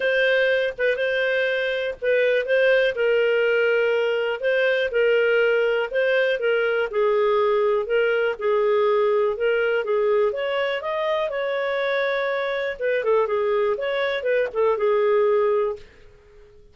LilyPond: \new Staff \with { instrumentName = "clarinet" } { \time 4/4 \tempo 4 = 122 c''4. b'8 c''2 | b'4 c''4 ais'2~ | ais'4 c''4 ais'2 | c''4 ais'4 gis'2 |
ais'4 gis'2 ais'4 | gis'4 cis''4 dis''4 cis''4~ | cis''2 b'8 a'8 gis'4 | cis''4 b'8 a'8 gis'2 | }